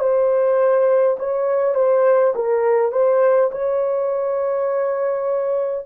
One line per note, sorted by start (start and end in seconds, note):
0.00 1.18 C5
1.20 1.75 C#5
1.75 2.34 C5
2.35 2.92 A#4
2.92 3.51 C5
3.52 5.87 C#5